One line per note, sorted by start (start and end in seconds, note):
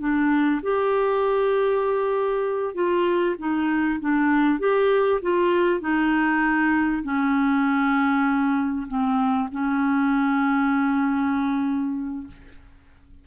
0.00 0.61 D4
0.63 2.75 G4
2.75 3.36 F4
3.39 4.00 D#4
4.00 4.60 D4
4.60 5.21 G4
5.22 5.81 F4
5.81 7.03 D#4
7.04 8.87 C#4
8.88 9.49 C4
9.52 12.28 C#4